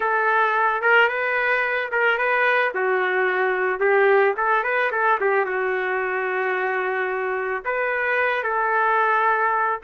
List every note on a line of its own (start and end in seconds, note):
0.00 0.81 A4
0.81 1.08 A#4
1.08 1.90 B4
1.91 2.18 A#4
2.18 2.72 B4
2.74 3.80 F#4
3.80 4.34 G4
4.36 4.63 A4
4.63 4.90 B4
4.91 5.18 A4
5.20 5.45 G4
5.45 7.63 F#4
7.64 8.43 B4
8.43 9.79 A4